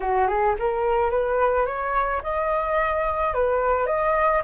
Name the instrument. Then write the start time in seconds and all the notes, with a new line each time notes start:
flute
0.00 F#4
0.27 G#4
0.59 A#4
1.10 B4
1.66 C#5
2.22 D#5
3.34 B4
3.86 D#5